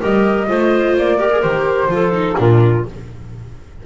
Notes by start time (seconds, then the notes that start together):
0.00 G3 G4 A#4 D#5
0.48 A3 F4 C5
0.97 A#3 D5
1.18 G4 A#4
1.32 G#4
1.42 D#3 G4 C5
1.88 F3 F4 A4
2.13 D#4
2.37 A#2 D4 F4 A#4